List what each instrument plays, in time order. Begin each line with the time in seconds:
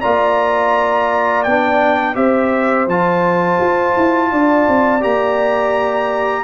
0.00 tuba A#3, trombone F4, horn D5, trumpet A#5
1.43 tuba B3, trombone D4, trumpet G5
2.14 tuba C4, trombone G4, horn C5, trumpet E5
2.87 tuba F3, trombone F4, trumpet A5
3.60 tuba F4
3.96 tuba E4
4.31 tuba D4, horn D5
4.67 tuba C4
5.00 tuba A#3, trombone G4, trumpet A#5